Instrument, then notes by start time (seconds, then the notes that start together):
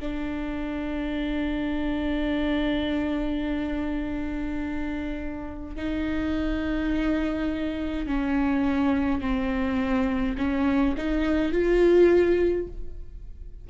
viola
0.00 D4
5.77 D#4
8.08 C#4
9.21 C4
10.38 C#4
10.98 D#4
11.53 F4